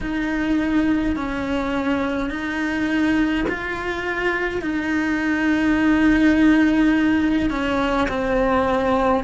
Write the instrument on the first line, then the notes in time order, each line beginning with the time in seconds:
cello
0.00 D#4
1.15 C#4
2.30 D#4
3.48 F4
4.62 D#4
7.49 C#4
8.08 C4